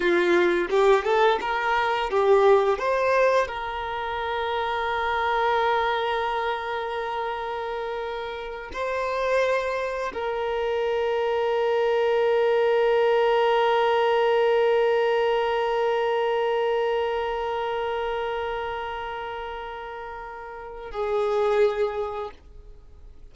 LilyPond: \new Staff \with { instrumentName = "violin" } { \time 4/4 \tempo 4 = 86 f'4 g'8 a'8 ais'4 g'4 | c''4 ais'2.~ | ais'1~ | ais'8 c''2 ais'4.~ |
ais'1~ | ais'1~ | ais'1~ | ais'2 gis'2 | }